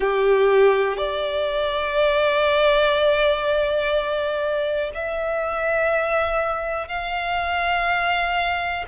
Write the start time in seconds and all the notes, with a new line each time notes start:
0.00 G4
0.97 D5
4.94 E5
6.88 F5